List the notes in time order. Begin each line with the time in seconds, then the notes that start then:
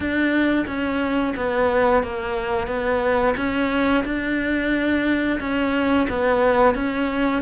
0.00 D4
0.66 C#4
1.36 B3
2.03 A#3
2.67 B3
3.36 C#4
4.04 D4
5.39 C#4
6.09 B3
6.74 C#4